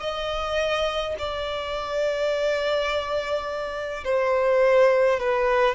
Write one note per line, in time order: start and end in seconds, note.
0.00 1.15 D#5
1.19 4.04 D5
4.04 5.20 C5
5.20 5.75 B4